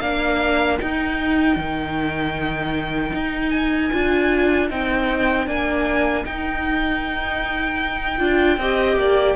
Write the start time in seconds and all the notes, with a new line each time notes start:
0.00 A#3 D4 A#4 F5
0.81 D#4 G5
1.56 D#3
3.14 D#4
3.50 G#5
3.92 D4 F4
4.70 C4 D#4 G5
5.47 A#3 D4 G#5
6.25 D#4 G5
8.19 D4 F4
8.58 C4 G4 D#5
8.97 A#3 D5